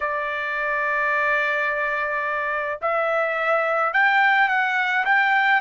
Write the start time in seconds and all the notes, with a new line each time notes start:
0.00 D5
2.81 E5
3.93 G5
4.48 F#5
5.05 G5